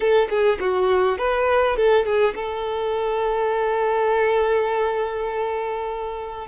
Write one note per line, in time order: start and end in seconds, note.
0.00 0.28 A4
0.29 0.59 G#4
0.60 1.18 F#4
1.18 1.76 B4
1.76 2.05 A4
2.05 2.34 G#4
2.35 6.47 A4